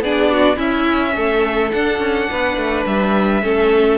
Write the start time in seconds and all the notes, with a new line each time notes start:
0.00 B3 D4 G#4 D5
0.32 F#4
0.55 C#4 E4 E5
1.15 A3 A4
1.71 D4 F#5
1.98 C#4
2.30 B3 B4
2.56 A3
2.85 G3 E5
3.42 A3 C#4 A4